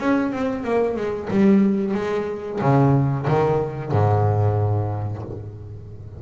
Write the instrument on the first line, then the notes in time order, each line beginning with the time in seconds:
double bass
0.00 C#4
0.33 C4
0.64 A#3
0.97 G#3
1.31 G3
1.95 G#3
2.62 C#3
3.28 D#3
3.92 G#2